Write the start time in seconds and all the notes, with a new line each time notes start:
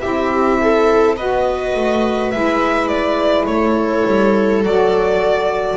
0.00 C4 E4 G4 E5
0.61 A4
1.17 B3 F#4 B4 D#5
1.75 A3
2.31 G#3 E4 E5
2.88 D5
3.45 A3 A4 C#5
4.06 G3
4.63 F#3 F#4 D5